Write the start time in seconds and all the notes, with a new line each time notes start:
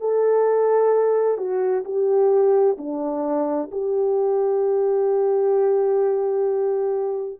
0.00 A4
1.38 F#4
1.85 G4
2.78 D4
3.71 G4